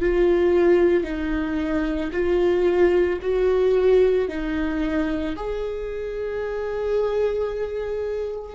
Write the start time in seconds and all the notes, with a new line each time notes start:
0.00 F4
1.04 D#4
2.12 F4
3.21 F#4
4.29 D#4
5.36 G#4